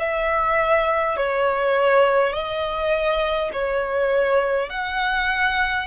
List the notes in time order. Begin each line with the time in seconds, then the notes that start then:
0.00 E5
1.17 C#5
2.33 D#5
3.53 C#5
4.70 F#5